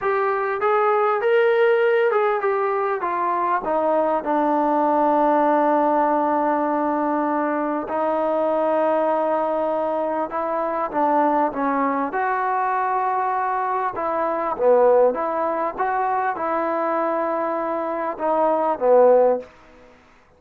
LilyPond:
\new Staff \with { instrumentName = "trombone" } { \time 4/4 \tempo 4 = 99 g'4 gis'4 ais'4. gis'8 | g'4 f'4 dis'4 d'4~ | d'1~ | d'4 dis'2.~ |
dis'4 e'4 d'4 cis'4 | fis'2. e'4 | b4 e'4 fis'4 e'4~ | e'2 dis'4 b4 | }